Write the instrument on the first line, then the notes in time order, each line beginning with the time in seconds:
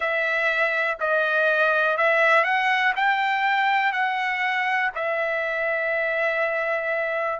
trumpet
0.00 E5
1.00 D#5
1.97 E5
2.44 F#5
2.96 G5
3.92 F#5
4.95 E5